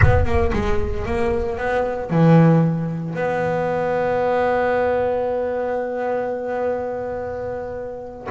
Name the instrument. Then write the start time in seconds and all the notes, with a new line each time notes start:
double bass
0.02 B3
0.25 A#3
0.52 G#3
1.05 A#3
1.57 B3
2.09 E3
3.14 B3